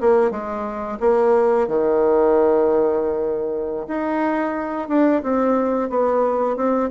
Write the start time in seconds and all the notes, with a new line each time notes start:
0.00 A#3
0.31 G#3
1.00 A#3
1.67 D#3
3.87 D#4
4.88 D4
5.22 C4
5.89 B3
6.56 C4